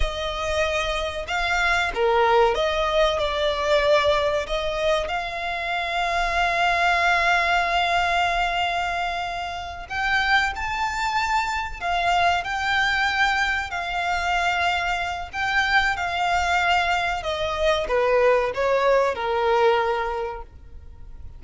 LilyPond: \new Staff \with { instrumentName = "violin" } { \time 4/4 \tempo 4 = 94 dis''2 f''4 ais'4 | dis''4 d''2 dis''4 | f''1~ | f''2.~ f''8 g''8~ |
g''8 a''2 f''4 g''8~ | g''4. f''2~ f''8 | g''4 f''2 dis''4 | b'4 cis''4 ais'2 | }